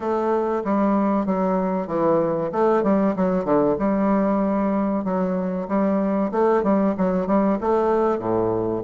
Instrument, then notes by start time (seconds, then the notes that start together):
bassoon
0.00 A3
0.64 G3
1.25 F#3
1.87 E3
2.51 A3
2.82 G3
3.16 F#3
3.44 D3
3.79 G3
5.04 F#3
5.68 G3
6.31 A3
6.63 G3
6.97 F#3
7.27 G3
7.60 A3
8.18 A2